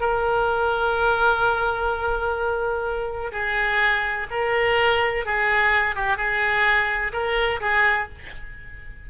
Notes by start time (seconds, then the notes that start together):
0.00 A#4
3.31 G#4
4.30 A#4
5.25 G#4
5.95 G4
6.17 G#4
7.12 A#4
7.60 G#4